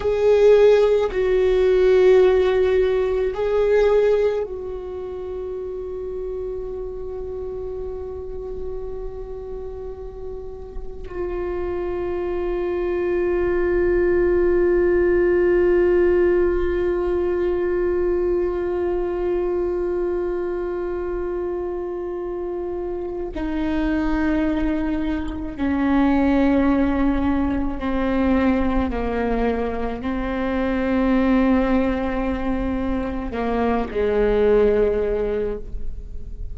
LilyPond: \new Staff \with { instrumentName = "viola" } { \time 4/4 \tempo 4 = 54 gis'4 fis'2 gis'4 | fis'1~ | fis'2 f'2~ | f'1~ |
f'1~ | f'4 dis'2 cis'4~ | cis'4 c'4 ais4 c'4~ | c'2 ais8 gis4. | }